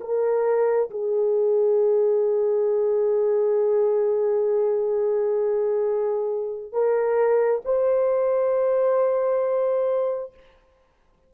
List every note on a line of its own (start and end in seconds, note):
0.00 0.90 A#4
0.90 6.72 G#4
6.72 7.62 A#4
7.64 10.33 C5